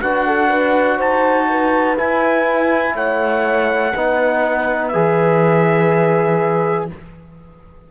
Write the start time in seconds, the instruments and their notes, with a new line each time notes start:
0.00 cello D4, trombone F#4, horn B4, trumpet F#5
0.26 horn A4
0.49 horn B4
0.96 cello D#4, horn C5, trumpet A5
1.49 horn B4
1.96 trombone E4, cello E4, trumpet G#5
2.94 cello A3, horn C#5, trumpet F#5
3.94 cello B3, trombone D#4, horn B4
4.88 cello E3, trombone G#4, trumpet E5